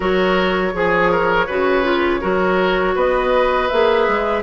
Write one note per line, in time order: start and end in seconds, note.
0.00 0.73 F#3
0.00 0.73 F#4
0.00 0.72 A#4
0.00 2.98 C#5
0.73 1.48 F3
0.73 1.47 G#4
0.73 1.11 G#4
1.11 1.46 A#4
1.46 2.22 C#3
1.46 1.83 F#4
1.46 2.20 B4
1.83 2.20 F4
2.20 2.95 F#3
2.20 3.69 F#4
2.20 2.94 A#4
2.95 3.69 B3
2.95 4.43 B4
2.95 3.68 D#5
3.68 4.08 A#3
3.68 4.43 G#4
3.68 4.42 E5
4.08 4.43 G#3